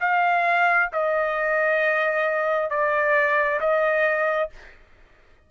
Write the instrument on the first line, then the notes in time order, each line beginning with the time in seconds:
trumpet
0.00 F5
0.93 D#5
2.70 D5
3.60 D#5